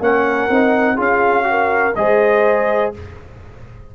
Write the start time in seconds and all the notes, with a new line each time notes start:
0.00 A#3 C#4 A#4 F#5
0.49 C4 D#4
0.95 C#4 F4 G#4 F5
1.43 F#4
1.50 A#4
1.95 G#3 G#4 C5 D#5